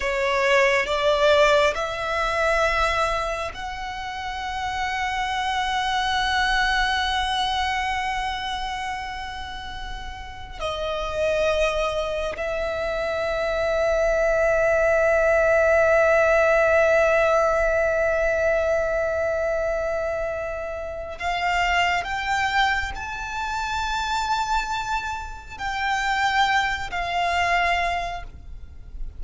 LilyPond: \new Staff \with { instrumentName = "violin" } { \time 4/4 \tempo 4 = 68 cis''4 d''4 e''2 | fis''1~ | fis''1 | dis''2 e''2~ |
e''1~ | e''1 | f''4 g''4 a''2~ | a''4 g''4. f''4. | }